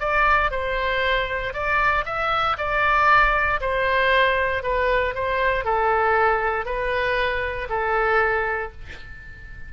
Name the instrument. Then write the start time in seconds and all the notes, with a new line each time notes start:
oboe
0.00 D5
0.51 C5
1.54 D5
2.06 E5
2.58 D5
3.61 C5
4.63 B4
5.15 C5
5.65 A4
6.66 B4
7.70 A4